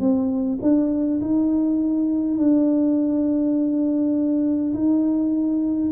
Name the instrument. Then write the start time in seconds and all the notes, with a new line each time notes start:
tuba
0.00 C4
0.62 D4
1.21 D#4
2.39 D4
4.74 D#4